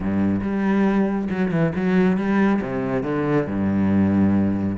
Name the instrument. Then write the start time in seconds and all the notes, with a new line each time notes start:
cello
0.00 G2
0.41 G3
1.30 F#3
1.51 E3
1.75 F#3
2.17 G3
2.61 C3
3.03 D3
3.47 G2